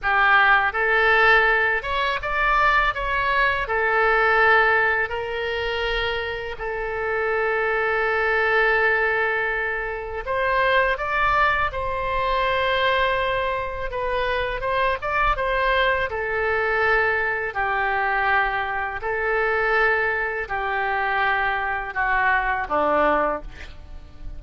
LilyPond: \new Staff \with { instrumentName = "oboe" } { \time 4/4 \tempo 4 = 82 g'4 a'4. cis''8 d''4 | cis''4 a'2 ais'4~ | ais'4 a'2.~ | a'2 c''4 d''4 |
c''2. b'4 | c''8 d''8 c''4 a'2 | g'2 a'2 | g'2 fis'4 d'4 | }